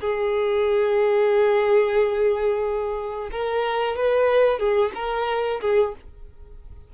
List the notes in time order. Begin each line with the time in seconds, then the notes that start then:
0.00 G#4
3.31 A#4
3.96 B4
4.59 G#4
4.95 A#4
5.61 G#4